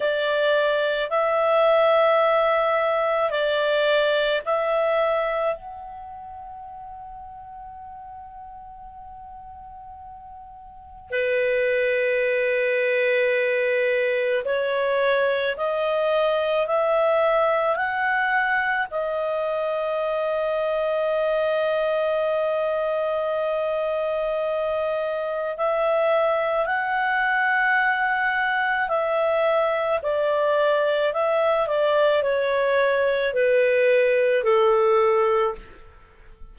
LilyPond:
\new Staff \with { instrumentName = "clarinet" } { \time 4/4 \tempo 4 = 54 d''4 e''2 d''4 | e''4 fis''2.~ | fis''2 b'2~ | b'4 cis''4 dis''4 e''4 |
fis''4 dis''2.~ | dis''2. e''4 | fis''2 e''4 d''4 | e''8 d''8 cis''4 b'4 a'4 | }